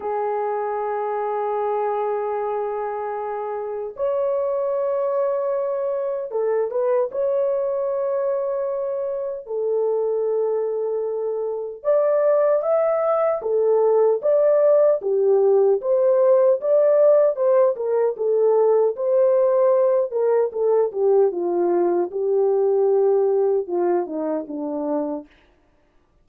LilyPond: \new Staff \with { instrumentName = "horn" } { \time 4/4 \tempo 4 = 76 gis'1~ | gis'4 cis''2. | a'8 b'8 cis''2. | a'2. d''4 |
e''4 a'4 d''4 g'4 | c''4 d''4 c''8 ais'8 a'4 | c''4. ais'8 a'8 g'8 f'4 | g'2 f'8 dis'8 d'4 | }